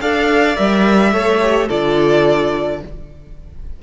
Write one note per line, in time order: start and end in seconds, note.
0.00 0.57 D4
0.00 0.55 A4
0.00 1.13 D5
0.00 0.57 F5
0.55 1.13 G3
0.55 1.11 A#4
0.55 1.69 E5
1.12 1.69 A3
1.12 1.40 A4
1.12 1.68 C#5
1.42 1.70 G4
1.68 2.83 D3
1.68 2.82 F4
1.68 2.80 A4
1.68 2.82 D5